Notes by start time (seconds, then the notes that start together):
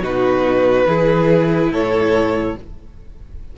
0.00 B2 D#4 F#4 B4
0.87 E3 E4 G#4
1.71 A2 A4 C#5